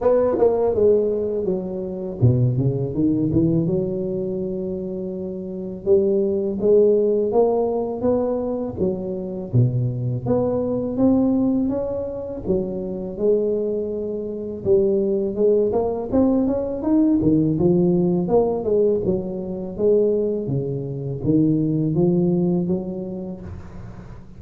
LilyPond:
\new Staff \with { instrumentName = "tuba" } { \time 4/4 \tempo 4 = 82 b8 ais8 gis4 fis4 b,8 cis8 | dis8 e8 fis2. | g4 gis4 ais4 b4 | fis4 b,4 b4 c'4 |
cis'4 fis4 gis2 | g4 gis8 ais8 c'8 cis'8 dis'8 dis8 | f4 ais8 gis8 fis4 gis4 | cis4 dis4 f4 fis4 | }